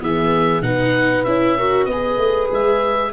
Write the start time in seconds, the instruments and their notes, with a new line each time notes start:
0.00 tuba E3, viola B3, horn G#4, oboe E5
0.61 tuba B2, viola D#4, horn B4, oboe F#5
1.24 tuba C#4, viola E4, oboe E5
1.57 viola F#4, horn A#4
1.85 tuba B3, horn B4, oboe D#5
1.92 viola G#4
2.18 tuba A3
2.52 tuba G#3, oboe E5